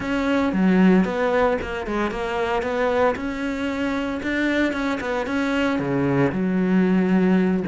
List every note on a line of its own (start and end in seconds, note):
0.00 0.52 C#4
0.52 1.05 F#3
1.05 1.57 B3
1.61 1.86 A#3
1.86 2.10 G#3
2.10 2.62 A#3
2.62 3.15 B3
3.15 4.20 C#4
4.22 4.72 D4
4.72 4.99 C#4
5.00 5.26 B3
5.26 5.79 C#4
5.79 6.31 C#3
6.32 7.63 F#3